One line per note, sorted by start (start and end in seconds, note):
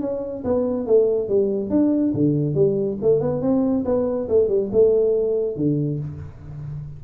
0.00 0.43 C#4
0.44 0.86 B3
0.86 1.28 A3
1.28 1.69 G3
1.69 2.12 D4
2.14 2.54 D3
2.54 2.97 G3
3.02 3.20 A3
3.20 3.41 B3
3.41 3.84 C4
3.85 4.27 B3
4.28 4.48 A3
4.48 4.69 G3
4.72 5.56 A3
5.56 5.99 D3